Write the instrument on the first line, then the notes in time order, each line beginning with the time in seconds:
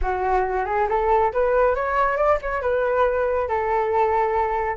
flute
0.01 F#4
0.65 G#4
0.88 A4
1.32 B4
1.75 C#5
2.16 D5
2.41 C#5
2.61 B4
3.48 A4